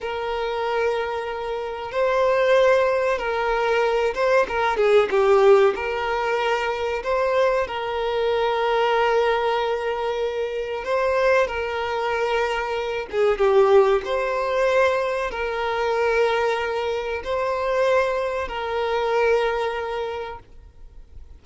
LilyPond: \new Staff \with { instrumentName = "violin" } { \time 4/4 \tempo 4 = 94 ais'2. c''4~ | c''4 ais'4. c''8 ais'8 gis'8 | g'4 ais'2 c''4 | ais'1~ |
ais'4 c''4 ais'2~ | ais'8 gis'8 g'4 c''2 | ais'2. c''4~ | c''4 ais'2. | }